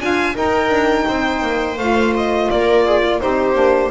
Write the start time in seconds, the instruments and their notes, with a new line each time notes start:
0.00 double bass D4, saxophone F4, viola F5, violin G#5
0.34 saxophone D#4, double bass D#4, viola A#4, violin G5
0.70 double bass D4
1.08 double bass C4, viola C5
1.42 double bass A#3
1.78 double bass A3, saxophone F4, violin F5
2.17 violin D#5
2.50 double bass A#3, viola A#4, violin D5
2.86 viola G#4
3.04 viola F4
3.20 double bass C4, saxophone D#4, viola G4, violin C5
3.54 double bass A#3, saxophone D4